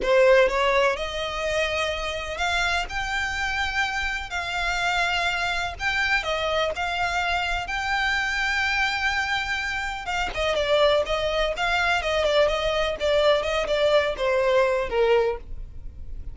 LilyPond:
\new Staff \with { instrumentName = "violin" } { \time 4/4 \tempo 4 = 125 c''4 cis''4 dis''2~ | dis''4 f''4 g''2~ | g''4 f''2. | g''4 dis''4 f''2 |
g''1~ | g''4 f''8 dis''8 d''4 dis''4 | f''4 dis''8 d''8 dis''4 d''4 | dis''8 d''4 c''4. ais'4 | }